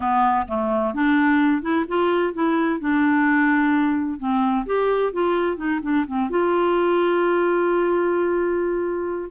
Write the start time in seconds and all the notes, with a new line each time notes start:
0.00 B3
0.47 A3
0.94 D4
1.62 E4
1.88 F4
2.33 E4
2.79 D4
4.19 C4
4.66 G4
5.12 F4
5.56 D#4
5.82 D4
6.07 C4
6.30 F4